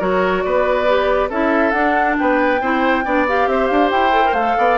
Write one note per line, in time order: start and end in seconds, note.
0.00 0.44 F#3
0.00 0.87 F#4
0.00 0.43 A#4
0.00 0.43 C#5
0.43 1.30 B3
0.43 1.30 B4
0.43 1.30 D5
0.88 1.32 G4
1.30 1.73 C#4
1.30 1.73 E4
1.30 2.17 A4
1.30 1.72 E5
1.72 2.17 D4
1.72 2.60 D4
1.72 2.15 F#5
2.19 2.62 B3
2.19 2.61 B4
2.19 3.27 G5
2.61 3.05 C4
2.61 3.06 E4
2.61 3.05 C5
3.05 3.47 B3
3.05 3.27 D4
3.05 3.49 D5
3.28 4.12 G4
3.28 3.49 F5
3.47 3.69 C4
3.47 4.58 C5
3.47 3.68 E5
3.68 3.92 D4
3.68 3.90 F5
3.91 4.33 E4
3.91 4.34 G5
4.12 4.23 A4
4.25 4.36 A#4
4.33 4.55 A3
4.33 4.78 A4
4.33 4.78 F5
4.58 4.78 B3
4.58 4.78 D5